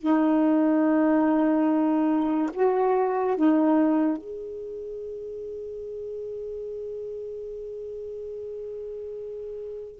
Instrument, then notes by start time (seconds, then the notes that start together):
saxophone
0.00 D#4
2.54 F#4
3.36 D#4
4.17 G#4